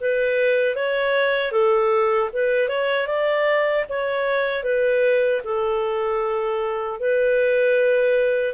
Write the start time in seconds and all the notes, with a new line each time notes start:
0.00 B4
0.75 C#5
1.52 A4
2.33 B4
2.68 C#5
3.07 D5
3.89 C#5
4.64 B4
5.44 A4
7.00 B4